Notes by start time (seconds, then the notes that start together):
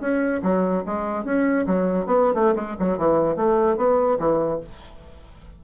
0.00 C#4
0.42 F#3
0.86 G#3
1.24 C#4
1.66 F#3
2.06 B3
2.34 A3
2.55 G#3
2.79 F#3
2.98 E3
3.36 A3
3.77 B3
4.19 E3